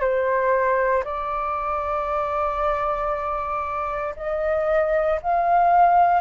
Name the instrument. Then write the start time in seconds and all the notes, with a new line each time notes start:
flute
0.00 C5
1.04 D5
4.17 D#5
5.22 F5